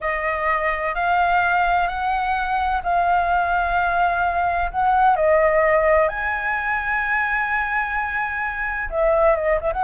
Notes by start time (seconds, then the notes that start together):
0.00 D#5
0.94 F5
1.87 F#5
2.83 F5
4.71 F#5
5.16 D#5
6.08 G#5
8.89 E5
9.35 D#5
9.60 E5
9.72 F#5